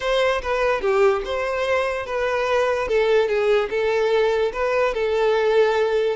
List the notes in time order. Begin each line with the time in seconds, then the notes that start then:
0.00 C5
0.42 B4
0.81 G4
1.24 C5
2.05 B4
2.88 A4
3.28 G#4
3.69 A4
4.52 B4
4.94 A4